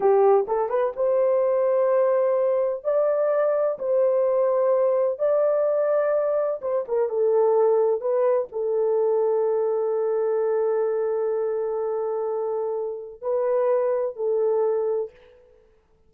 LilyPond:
\new Staff \with { instrumentName = "horn" } { \time 4/4 \tempo 4 = 127 g'4 a'8 b'8 c''2~ | c''2 d''2 | c''2. d''4~ | d''2 c''8 ais'8 a'4~ |
a'4 b'4 a'2~ | a'1~ | a'1 | b'2 a'2 | }